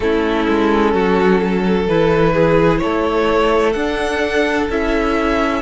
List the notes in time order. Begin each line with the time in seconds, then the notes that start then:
0.00 A3 C#4 E4 A4
0.48 G#3
0.93 F#3 F#4
1.44 A4
1.87 E3 E4 B4
2.33 G#4
2.78 A3 A4 C#5
3.72 D4 F#5
4.69 C#4 E4 E5